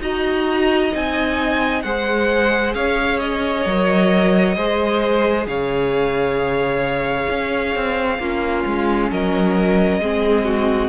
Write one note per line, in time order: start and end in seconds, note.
0.00 0.91 D#4
0.00 0.92 F#4
0.00 1.84 D#5
0.00 0.94 A#5
0.92 1.84 C4
0.92 1.83 D#4
0.92 1.82 G#5
1.82 2.75 G#3
1.82 3.67 G#4
1.82 2.76 C5
1.82 2.73 F#5
2.74 3.66 C#4
2.74 4.56 C#5
2.74 3.20 F5
3.20 5.47 D#5
3.66 4.57 F#3
3.66 4.57 A#4
4.56 5.47 G#3
4.56 8.21 G#4
4.56 5.47 C5
5.47 7.29 C#3
5.47 8.20 C#5
5.47 9.11 F5
7.30 7.76 C#4
7.76 8.19 C4
8.19 8.64 A#3
8.19 10.02 C#4
8.19 9.10 F4
8.66 9.11 G#3
9.10 9.99 F#3
9.10 10.01 A#4
9.10 10.89 D#5
9.99 10.89 G#3
9.99 10.89 C4
9.99 10.45 G#4
10.45 10.89 F#4